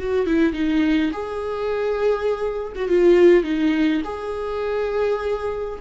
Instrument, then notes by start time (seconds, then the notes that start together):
viola
0.00 F#4
0.27 E4
0.54 D#4
1.13 G#4
2.76 F#4
2.89 F4
3.44 D#4
4.05 G#4